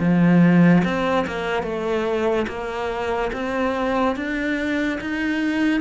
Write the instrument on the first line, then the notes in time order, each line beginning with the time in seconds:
cello
0.00 F3
0.85 C4
1.27 A#3
1.63 A3
2.48 A#3
3.33 C4
4.16 D4
5.01 D#4